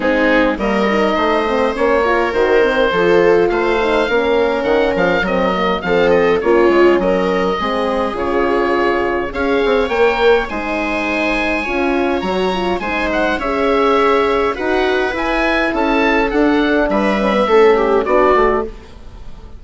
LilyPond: <<
  \new Staff \with { instrumentName = "oboe" } { \time 4/4 \tempo 4 = 103 gis'4 dis''2 cis''4 | c''2 f''2 | fis''8 f''8 dis''4 f''8 dis''8 cis''4 | dis''2 cis''2 |
f''4 g''4 gis''2~ | gis''4 ais''4 gis''8 fis''8 e''4~ | e''4 fis''4 gis''4 a''4 | fis''4 e''2 d''4 | }
  \new Staff \with { instrumentName = "viola" } { \time 4/4 dis'4 ais'4 c''4. ais'8~ | ais'4 a'4 c''4 ais'4~ | ais'2 a'4 f'4 | ais'4 gis'2. |
cis''2 c''2 | cis''2 c''4 cis''4~ | cis''4 b'2 a'4~ | a'4 b'4 a'8 g'8 fis'4 | }
  \new Staff \with { instrumentName = "horn" } { \time 4/4 c'4 ais8 dis'4 c'8 cis'8 f'8 | fis'8 c'8 f'4. dis'8 cis'4~ | cis'4 c'8 ais8 c'4 cis'4~ | cis'4 c'4 f'2 |
gis'4 ais'4 dis'2 | f'4 fis'8 f'8 dis'4 gis'4~ | gis'4 fis'4 e'2 | d'4. cis'16 b16 cis'4 d'8 fis'8 | }
  \new Staff \with { instrumentName = "bassoon" } { \time 4/4 gis4 g4 a4 ais4 | dis4 f4 a4 ais4 | dis8 f8 fis4 f4 ais8 gis8 | fis4 gis4 cis2 |
cis'8 c'8 ais4 gis2 | cis'4 fis4 gis4 cis'4~ | cis'4 dis'4 e'4 cis'4 | d'4 g4 a4 b8 a8 | }
>>